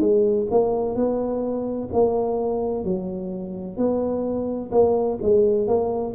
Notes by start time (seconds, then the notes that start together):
0.00 G#3
0.51 A#3
0.96 B3
1.93 A#3
2.85 F#3
3.78 B3
4.72 A#3
5.22 G#3
5.68 A#3